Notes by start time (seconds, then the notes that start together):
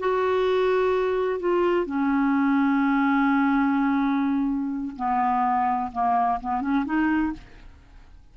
0.00 F#4
1.40 F4
1.86 C#4
4.96 B3
5.93 A#3
6.41 B3
6.61 C#4
6.85 D#4